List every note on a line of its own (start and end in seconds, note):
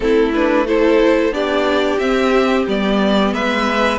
0.00 1.30 A3
0.00 0.32 C4
0.00 0.67 E4
0.00 0.32 A4
0.33 0.66 D4
0.33 0.66 B4
0.66 1.32 E4
0.66 1.34 A4
0.66 1.33 C5
1.30 1.97 B3
1.30 1.98 D4
1.30 3.34 G4
1.30 1.98 D5
1.98 2.66 C4
1.98 2.65 E5
2.67 3.33 G3
2.67 3.98 B3
2.67 3.33 D5
3.33 3.98 G#3
3.33 3.98 B4
3.33 3.98 E5